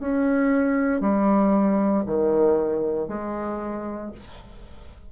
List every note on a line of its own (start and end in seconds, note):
0.00 1.01 C#4
1.01 2.04 G3
2.06 3.08 D#3
3.08 4.11 G#3